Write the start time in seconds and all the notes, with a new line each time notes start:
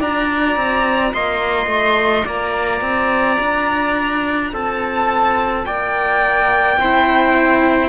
0.00 D4 F4 D5 A#5
0.57 C4
1.14 A#3 D#5 C6
1.67 A3
2.25 A#3 D5 A#5
2.81 C4
3.40 D4
4.53 C4 A4 A5
5.65 A#3 D5 G5
6.77 C4 E4 C5